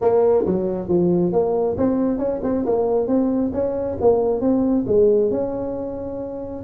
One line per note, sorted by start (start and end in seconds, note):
0.01 0.45 A#3
0.45 0.88 F#3
0.88 1.32 F3
1.32 1.76 A#3
1.77 2.18 C4
2.18 2.40 C#4
2.43 2.65 C4
2.65 3.07 A#3
3.07 3.51 C4
3.53 3.97 C#4
4.00 4.40 A#3
4.40 4.84 C4
4.86 5.30 G#3
5.30 6.63 C#4